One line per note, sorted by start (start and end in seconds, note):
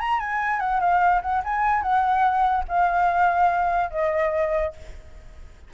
0.00 0.19 A#5
0.19 0.60 G#5
0.60 0.80 F#5
0.80 1.21 F5
1.22 1.42 F#5
1.44 1.82 G#5
1.82 2.64 F#5
2.68 3.90 F5
3.90 4.73 D#5